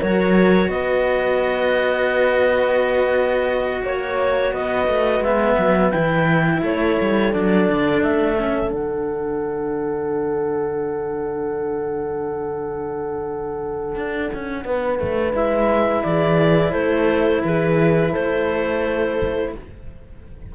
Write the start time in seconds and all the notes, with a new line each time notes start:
0.00 F#3 F#4 A#4 C#5
0.69 B3 B4 D#5
3.83 A#3 C#5
4.53 B3 B4 D#5
4.88 A3
5.21 G#3 B3 E5
5.58 F#3
5.91 E3 E4 G5
6.62 A3 A4 C#5
7.01 G3
7.33 F#3 D4 D5
7.70 D3
8.03 A3 E5
8.38 C#4
8.71 D3 D4 F#5
13.95 D4
14.34 C#4
14.65 B3 B4
15.00 A3
15.33 G#3 E4 E5
16.03 E3 G#4 D5
16.72 A3 A4 C5
17.45 E3 G#4 B4
18.12 A3 A4 C5